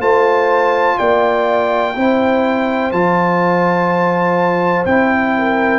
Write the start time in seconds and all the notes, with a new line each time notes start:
0.00 A3 F4 C5 A5
0.98 A#3 D5 G5
1.96 C4 E4 C5
2.92 F3 F4 A5
4.86 C4 E4 G5
5.38 A#4